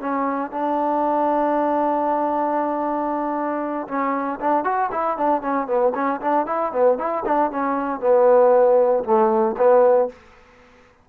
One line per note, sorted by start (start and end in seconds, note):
0.00 0.51 C#4
0.51 3.87 D4
3.88 4.39 C#4
4.40 4.64 D4
4.64 4.90 F#4
4.91 5.17 E4
5.17 5.41 D4
5.41 5.67 C#4
5.67 5.92 B3
5.95 6.20 C#4
6.21 6.46 D4
6.46 6.72 E4
6.72 6.98 B3
6.98 7.24 E4
7.25 7.51 D4
7.51 8.00 C#4
8.00 9.04 B3
9.04 9.55 A3
9.57 10.09 B3